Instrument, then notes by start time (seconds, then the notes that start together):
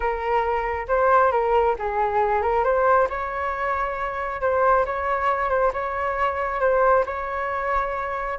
flute
0.00 A#4
0.87 C5
1.31 A#4
1.78 G#4
2.42 A#4
2.64 C5
3.09 C#5
4.41 C5
4.85 C#5
5.49 C5
5.73 C#5
6.60 C5
7.06 C#5